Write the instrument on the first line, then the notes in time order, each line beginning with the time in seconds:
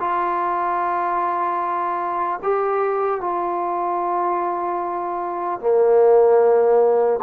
trombone
0.00 F4
2.43 G4
3.21 F4
5.60 A#3